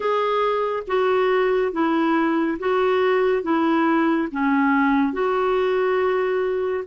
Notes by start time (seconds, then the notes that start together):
0.00 G#4
0.87 F#4
1.72 E4
2.59 F#4
3.42 E4
4.31 C#4
5.12 F#4